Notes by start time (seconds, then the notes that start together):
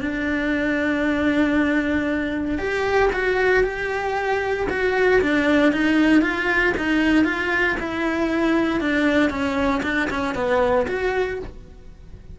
0.00 D4
2.58 G4
3.12 F#4
3.63 G4
4.69 F#4
5.21 D4
5.72 D#4
6.21 F4
6.77 D#4
7.24 F4
7.79 E4
8.80 D4
9.30 C#4
9.83 D4
10.10 C#4
10.34 B3
10.87 F#4